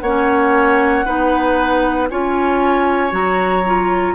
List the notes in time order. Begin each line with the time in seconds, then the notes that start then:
0.00 A#3 C#4 C#5 F#5
1.05 B3 D#4 B4
2.09 C#4 F4 C#5 G#5
3.10 F#3 F#4 A#5
3.66 F4